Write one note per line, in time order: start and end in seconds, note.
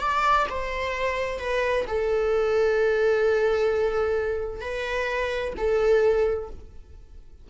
0.00 0.46 D5
0.50 1.40 C5
1.40 1.86 B4
1.87 4.61 A4
4.61 5.53 B4
5.57 6.50 A4